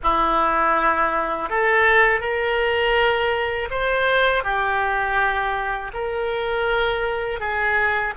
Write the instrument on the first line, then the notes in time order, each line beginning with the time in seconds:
oboe
0.03 E4
1.49 A4
2.20 A#4
3.70 C5
4.43 G4
5.93 A#4
7.39 G#4